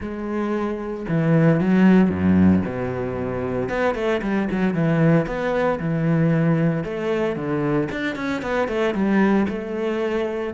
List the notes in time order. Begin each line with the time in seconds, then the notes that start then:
0.00 G#3
1.08 E3
1.60 F#3
2.09 F#2
2.65 B2
3.69 B3
3.94 A3
4.22 G3
4.51 F#3
4.74 E3
5.26 B3
5.79 E3
6.84 A3
7.35 D3
7.91 D4
8.15 C#4
8.42 B3
8.68 A3
8.94 G3
9.48 A3